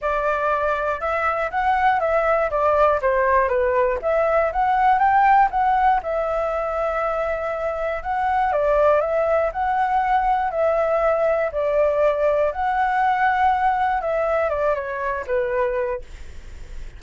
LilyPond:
\new Staff \with { instrumentName = "flute" } { \time 4/4 \tempo 4 = 120 d''2 e''4 fis''4 | e''4 d''4 c''4 b'4 | e''4 fis''4 g''4 fis''4 | e''1 |
fis''4 d''4 e''4 fis''4~ | fis''4 e''2 d''4~ | d''4 fis''2. | e''4 d''8 cis''4 b'4. | }